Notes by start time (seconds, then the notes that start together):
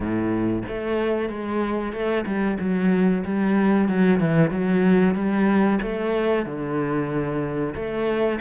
0.00 A2
0.68 A3
1.29 G#3
1.92 A3
2.26 G3
2.59 F#3
3.24 G3
3.88 F#3
4.19 E3
4.50 F#3
5.14 G3
5.82 A3
6.45 D3
7.75 A3